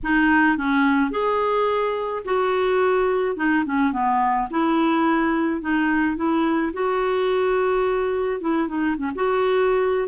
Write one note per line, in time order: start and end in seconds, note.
0.03 0.57 D#4
0.57 1.11 C#4
1.11 2.23 G#4
2.24 3.36 F#4
3.36 3.64 D#4
3.65 3.92 C#4
3.92 4.48 B3
4.50 5.61 E4
5.61 6.16 D#4
6.16 6.72 E4
6.73 8.40 F#4
8.40 8.68 E4
8.68 8.96 D#4
8.97 9.11 C#4
9.15 10.08 F#4